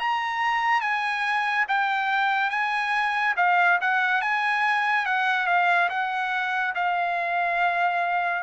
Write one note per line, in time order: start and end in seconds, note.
0.00 0.81 A#5
0.81 1.66 G#5
1.69 2.50 G5
2.50 3.35 G#5
3.37 3.79 F5
3.81 4.22 F#5
4.22 5.06 G#5
5.06 5.47 F#5
5.47 5.89 F5
5.90 6.74 F#5
6.75 8.44 F5